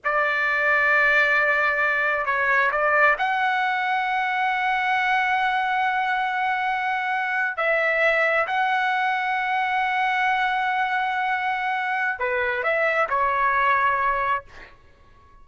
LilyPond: \new Staff \with { instrumentName = "trumpet" } { \time 4/4 \tempo 4 = 133 d''1~ | d''4 cis''4 d''4 fis''4~ | fis''1~ | fis''1~ |
fis''8. e''2 fis''4~ fis''16~ | fis''1~ | fis''2. b'4 | e''4 cis''2. | }